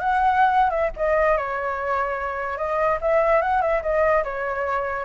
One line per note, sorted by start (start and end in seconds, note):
0.00 0.71 F#5
0.71 0.91 E5
0.97 1.37 D#5
1.37 2.58 C#5
2.58 2.99 D#5
3.01 3.42 E5
3.42 3.62 F#5
3.62 3.83 E5
3.83 4.24 D#5
4.25 5.05 C#5